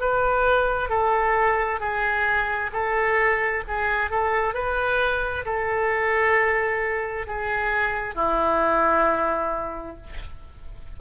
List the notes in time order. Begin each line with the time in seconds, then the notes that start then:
0.00 B4
0.89 A4
1.80 G#4
2.72 A4
3.67 G#4
4.10 A4
4.54 B4
5.45 A4
7.26 G#4
8.14 E4